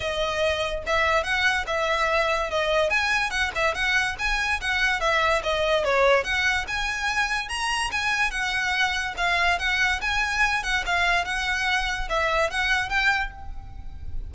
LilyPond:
\new Staff \with { instrumentName = "violin" } { \time 4/4 \tempo 4 = 144 dis''2 e''4 fis''4 | e''2 dis''4 gis''4 | fis''8 e''8 fis''4 gis''4 fis''4 | e''4 dis''4 cis''4 fis''4 |
gis''2 ais''4 gis''4 | fis''2 f''4 fis''4 | gis''4. fis''8 f''4 fis''4~ | fis''4 e''4 fis''4 g''4 | }